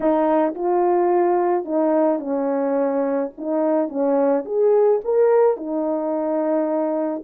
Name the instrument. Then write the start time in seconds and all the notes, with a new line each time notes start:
horn
0.00 D#4
0.55 F4
1.64 D#4
2.19 C#4
3.37 D#4
3.88 C#4
4.45 G#4
5.04 A#4
5.56 D#4